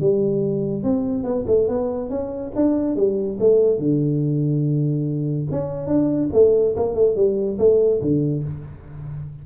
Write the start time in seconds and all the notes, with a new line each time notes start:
0.00 G3
0.83 C4
1.24 B3
1.47 A3
1.68 B3
2.10 C#4
2.55 D4
2.96 G3
3.39 A3
3.78 D3
5.51 C#4
5.87 D4
6.33 A3
6.76 A#3
6.94 A3
7.16 G3
7.58 A3
8.01 D3